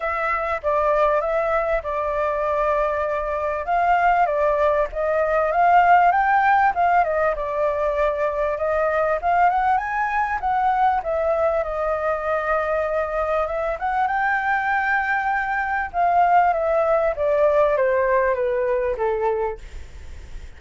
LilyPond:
\new Staff \with { instrumentName = "flute" } { \time 4/4 \tempo 4 = 98 e''4 d''4 e''4 d''4~ | d''2 f''4 d''4 | dis''4 f''4 g''4 f''8 dis''8 | d''2 dis''4 f''8 fis''8 |
gis''4 fis''4 e''4 dis''4~ | dis''2 e''8 fis''8 g''4~ | g''2 f''4 e''4 | d''4 c''4 b'4 a'4 | }